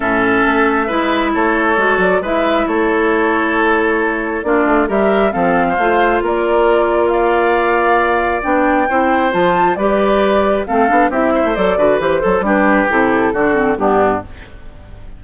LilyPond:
<<
  \new Staff \with { instrumentName = "flute" } { \time 4/4 \tempo 4 = 135 e''2. cis''4~ | cis''8 d''8 e''4 cis''2~ | cis''2 d''4 e''4 | f''2 d''2 |
f''2. g''4~ | g''4 a''4 d''2 | f''4 e''4 d''4 c''4 | b'4 a'2 g'4 | }
  \new Staff \with { instrumentName = "oboe" } { \time 4/4 a'2 b'4 a'4~ | a'4 b'4 a'2~ | a'2 f'4 ais'4 | a'8. c''4~ c''16 ais'2 |
d''1 | c''2 b'2 | a'4 g'8 c''4 b'4 a'8 | g'2 fis'4 d'4 | }
  \new Staff \with { instrumentName = "clarinet" } { \time 4/4 cis'2 e'2 | fis'4 e'2.~ | e'2 d'4 g'4 | c'4 f'2.~ |
f'2. d'4 | e'4 f'4 g'2 | c'8 d'8 e'4 a'8 fis'8 g'8 a'8 | d'4 e'4 d'8 c'8 b4 | }
  \new Staff \with { instrumentName = "bassoon" } { \time 4/4 a,4 a4 gis4 a4 | gis8 fis8 gis4 a2~ | a2 ais8 a8 g4 | f4 a4 ais2~ |
ais2. b4 | c'4 f4 g2 | a8 b8 c'8. a16 fis8 d8 e8 fis8 | g4 c4 d4 g,4 | }
>>